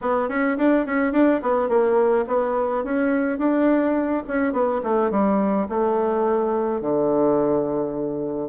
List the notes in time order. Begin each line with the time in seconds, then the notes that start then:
0.01 B3
0.29 C#4
0.57 D4
0.86 C#4
1.12 D4
1.42 B3
1.68 A#3
2.27 B3
2.84 C#4
3.38 D4
4.27 C#4
4.53 B3
4.83 A3
5.10 G3
5.69 A3
6.81 D3